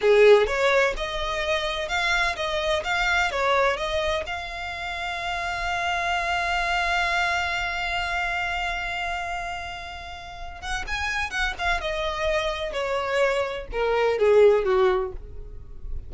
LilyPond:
\new Staff \with { instrumentName = "violin" } { \time 4/4 \tempo 4 = 127 gis'4 cis''4 dis''2 | f''4 dis''4 f''4 cis''4 | dis''4 f''2.~ | f''1~ |
f''1~ | f''2~ f''8 fis''8 gis''4 | fis''8 f''8 dis''2 cis''4~ | cis''4 ais'4 gis'4 fis'4 | }